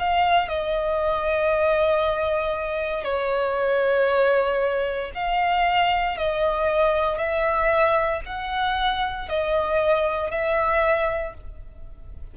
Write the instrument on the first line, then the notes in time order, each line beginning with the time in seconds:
violin
0.00 F5
0.49 D#5
3.05 C#5
5.15 F5
6.18 D#5
7.18 E5
8.26 F#5
9.29 D#5
10.31 E5